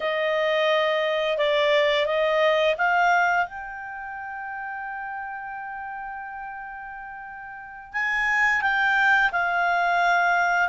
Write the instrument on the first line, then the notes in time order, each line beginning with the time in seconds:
clarinet
0.00 D#5
1.37 D5
2.06 D#5
2.77 F5
3.46 G5
7.93 G#5
8.61 G5
9.32 F5